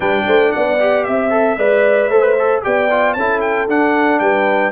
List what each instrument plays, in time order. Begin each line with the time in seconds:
0.00 tuba G3, trombone D4, horn B4, trumpet G5
0.26 tuba A3, horn C5
0.52 tuba B3, horn D5, trumpet F#5
0.79 trombone G4
1.04 tuba C4, trumpet E5, horn E5
1.30 trombone A4
1.56 tuba G#3, trombone B4, horn D5
2.09 tuba A3, trombone A4, horn C5
2.22 trombone B4
2.39 trombone A4
2.62 tuba B3, trombone G4, horn D5, trumpet G5
2.90 trombone F4
3.13 tuba C#4, trombone E4, horn A4, trumpet A5
3.40 trumpet G5
3.67 trombone D4, tuba D4, trumpet F#5
4.19 tuba G3, horn B4, trumpet G5